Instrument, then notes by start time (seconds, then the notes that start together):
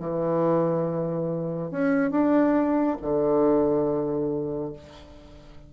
bassoon
0.00 E3
1.72 C#4
2.11 D4
3.02 D3